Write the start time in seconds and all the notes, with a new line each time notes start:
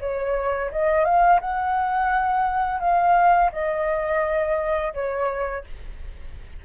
0.00 C#5
0.71 D#5
1.05 F5
1.41 F#5
2.80 F5
3.52 D#5
4.93 C#5